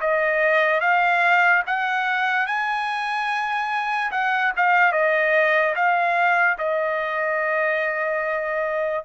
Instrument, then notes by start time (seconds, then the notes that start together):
trumpet
0.00 D#5
0.80 F5
1.66 F#5
2.46 G#5
4.11 F#5
4.56 F5
4.92 D#5
5.75 F5
6.58 D#5